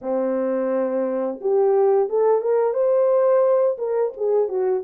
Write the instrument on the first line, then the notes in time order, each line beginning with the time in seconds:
horn
0.01 C4
1.40 G4
2.09 A4
2.41 A#4
2.73 C5
3.78 A#4
4.17 G#4
4.48 F#4